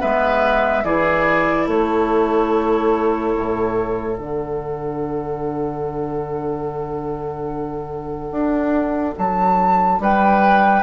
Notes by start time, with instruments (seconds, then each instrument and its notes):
0.00 bassoon G#3, clarinet B3, oboe B4, flute E5
0.84 bassoon E3, clarinet E4, oboe G#4, flute D5
1.66 bassoon A3, oboe A4, flute C#5
3.36 bassoon A2
4.17 bassoon D3, clarinet D4, flute F#5
8.31 bassoon D4
9.18 bassoon F#3, flute A5
9.99 bassoon G3, oboe B4, flute G5